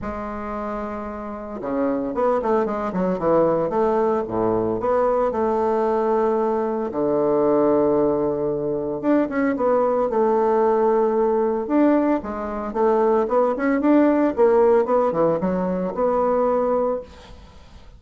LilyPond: \new Staff \with { instrumentName = "bassoon" } { \time 4/4 \tempo 4 = 113 gis2. cis4 | b8 a8 gis8 fis8 e4 a4 | a,4 b4 a2~ | a4 d2.~ |
d4 d'8 cis'8 b4 a4~ | a2 d'4 gis4 | a4 b8 cis'8 d'4 ais4 | b8 e8 fis4 b2 | }